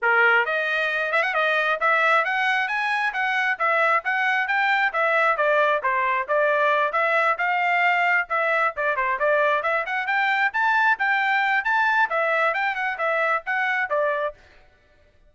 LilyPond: \new Staff \with { instrumentName = "trumpet" } { \time 4/4 \tempo 4 = 134 ais'4 dis''4. e''16 fis''16 dis''4 | e''4 fis''4 gis''4 fis''4 | e''4 fis''4 g''4 e''4 | d''4 c''4 d''4. e''8~ |
e''8 f''2 e''4 d''8 | c''8 d''4 e''8 fis''8 g''4 a''8~ | a''8 g''4. a''4 e''4 | g''8 fis''8 e''4 fis''4 d''4 | }